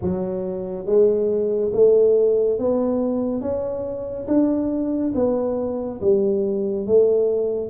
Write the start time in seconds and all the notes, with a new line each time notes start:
0.01 F#3
0.86 G#3
1.73 A3
2.59 B3
3.41 C#4
4.27 D4
5.14 B3
6.01 G3
6.86 A3